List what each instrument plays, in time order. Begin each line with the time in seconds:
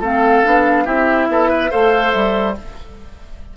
0.00 bassoon A3, clarinet C4, oboe A4, flute F5
0.45 bassoon B3, clarinet D4
0.86 bassoon C4, clarinet E4, oboe G4, flute E5
1.28 bassoon B3, oboe A4
1.50 oboe B4
1.71 bassoon A3, clarinet A4, oboe C5, flute F5
2.12 bassoon G3, flute E5